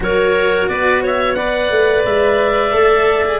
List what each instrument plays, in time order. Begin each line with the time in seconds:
0.00 tuba F#3, cello F#4, clarinet A#4, oboe C#5
0.68 tuba B3, clarinet B4, oboe D5
1.03 clarinet C#5, oboe E5
1.34 cello B4, clarinet D5, oboe F#5
1.70 tuba A3
2.05 tuba G#3, oboe E5
2.72 tuba A3, cello A4
3.24 cello G#4